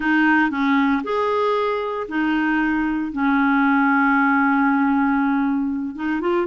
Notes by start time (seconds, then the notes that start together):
0.00 D#4
0.50 C#4
1.03 G#4
2.08 D#4
3.12 C#4
5.95 D#4
6.21 F4